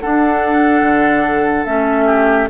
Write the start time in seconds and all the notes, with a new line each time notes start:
0.00 D4 A4 F#5
0.81 D3
1.65 A3 C#4 E5
2.06 G4